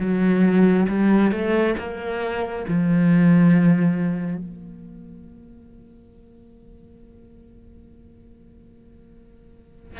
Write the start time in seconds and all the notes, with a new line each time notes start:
0.00 F#3
0.89 G3
1.32 A3
1.79 A#3
2.68 F3
4.37 A#3